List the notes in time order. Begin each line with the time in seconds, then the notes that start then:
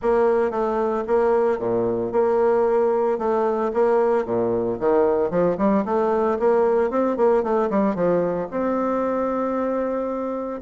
0.02 A#3
0.50 A3
1.07 A#3
1.59 A#2
2.12 A#3
3.18 A3
3.73 A#3
4.25 A#2
4.79 D#3
5.30 F3
5.57 G3
5.85 A3
6.39 A#3
6.90 C4
7.17 A#3
7.43 A3
7.69 G3
7.95 F3
8.51 C4